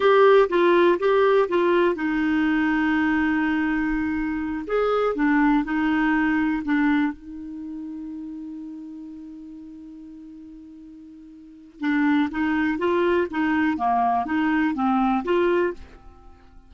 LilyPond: \new Staff \with { instrumentName = "clarinet" } { \time 4/4 \tempo 4 = 122 g'4 f'4 g'4 f'4 | dis'1~ | dis'4. gis'4 d'4 dis'8~ | dis'4. d'4 dis'4.~ |
dis'1~ | dis'1 | d'4 dis'4 f'4 dis'4 | ais4 dis'4 c'4 f'4 | }